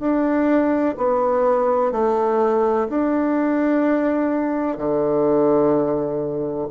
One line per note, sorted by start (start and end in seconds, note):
0.00 0.95 D4
0.97 1.92 B3
1.92 2.87 A3
2.90 4.77 D4
4.77 6.68 D3